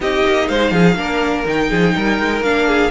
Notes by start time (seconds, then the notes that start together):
0.00 C4 D#4 G4 D#5
0.26 A#3
0.48 G#3 C5 F5
0.71 F3 G#4
0.95 A#3 D4 A#4
1.46 D#3 D#4 G5
1.69 F3 G#4
1.95 G3 A#4
2.19 G#3
2.41 A#3 D4 F5
2.67 G#4